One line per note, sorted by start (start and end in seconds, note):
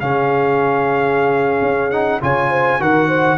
0.00 1.61 C#3
0.00 1.91 C#4
0.00 2.22 G#4
0.00 1.90 F5
1.61 2.20 C#4
1.90 2.21 D#4
1.90 2.20 F#5
2.21 2.80 C#3
2.21 2.79 F4
2.21 2.50 C#5
2.21 2.81 G#5
2.50 2.79 C5
2.79 3.37 D#3
2.79 3.37 F#4
2.79 3.08 A#4
2.79 3.37 F#5
3.08 3.37 C5